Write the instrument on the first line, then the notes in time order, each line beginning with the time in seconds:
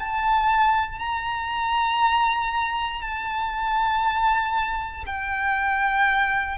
violin
0.00 A5
0.99 A#5
3.02 A5
5.07 G5